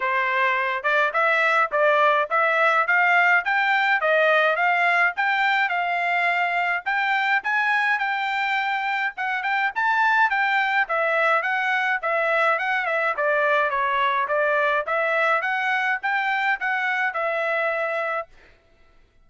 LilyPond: \new Staff \with { instrumentName = "trumpet" } { \time 4/4 \tempo 4 = 105 c''4. d''8 e''4 d''4 | e''4 f''4 g''4 dis''4 | f''4 g''4 f''2 | g''4 gis''4 g''2 |
fis''8 g''8 a''4 g''4 e''4 | fis''4 e''4 fis''8 e''8 d''4 | cis''4 d''4 e''4 fis''4 | g''4 fis''4 e''2 | }